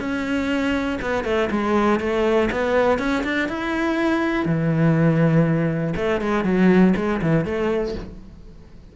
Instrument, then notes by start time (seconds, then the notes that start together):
cello
0.00 C#4
1.02 B3
1.25 A3
1.51 G#3
2.00 A3
2.52 B3
2.99 C#4
3.24 D4
3.49 E4
4.46 E3
5.96 A3
6.21 G#3
6.44 F#3
6.96 G#3
7.22 E3
7.45 A3